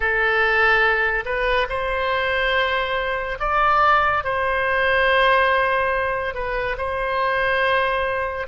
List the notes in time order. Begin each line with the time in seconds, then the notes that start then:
0.00 A4
1.24 B4
1.69 C5
3.39 D5
4.24 C5
6.34 B4
6.77 C5